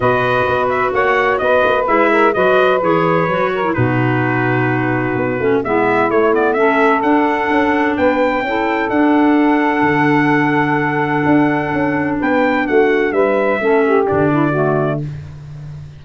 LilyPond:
<<
  \new Staff \with { instrumentName = "trumpet" } { \time 4/4 \tempo 4 = 128 dis''4. e''8 fis''4 dis''4 | e''4 dis''4 cis''2 | b'1 | e''4 cis''8 d''8 e''4 fis''4~ |
fis''4 g''2 fis''4~ | fis''1~ | fis''2 g''4 fis''4 | e''2 d''2 | }
  \new Staff \with { instrumentName = "saxophone" } { \time 4/4 b'2 cis''4 b'4~ | b'8 ais'8 b'2~ b'8 ais'8 | fis'1 | e'2 a'2~ |
a'4 b'4 a'2~ | a'1~ | a'2 b'4 fis'4 | b'4 a'8 g'4 e'8 fis'4 | }
  \new Staff \with { instrumentName = "clarinet" } { \time 4/4 fis'1 | e'4 fis'4 gis'4 fis'8. e'16 | dis'2.~ dis'8 cis'8 | b4 a8 b8 cis'4 d'4~ |
d'2 e'4 d'4~ | d'1~ | d'1~ | d'4 cis'4 d'4 a4 | }
  \new Staff \with { instrumentName = "tuba" } { \time 4/4 b,4 b4 ais4 b8 ais8 | gis4 fis4 e4 fis4 | b,2. b8 a8 | gis4 a2 d'4 |
cis'4 b4 cis'4 d'4~ | d'4 d2. | d'4 cis'4 b4 a4 | g4 a4 d2 | }
>>